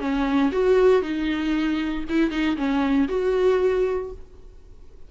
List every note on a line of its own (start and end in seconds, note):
0.00 0.51 C#4
0.52 1.02 F#4
1.02 2.05 D#4
2.09 2.31 E4
2.31 2.56 D#4
2.57 3.08 C#4
3.08 4.11 F#4